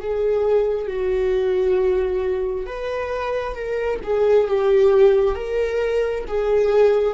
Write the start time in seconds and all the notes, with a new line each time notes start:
0.00 G#4
0.87 F#4
2.66 B4
3.55 A#4
4.03 G#4
4.47 G4
5.35 A#4
6.27 G#4